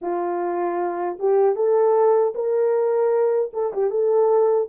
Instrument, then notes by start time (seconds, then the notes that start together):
horn
0.01 F4
1.19 G4
1.55 A4
2.34 A#4
3.53 A4
3.73 G4
3.90 A4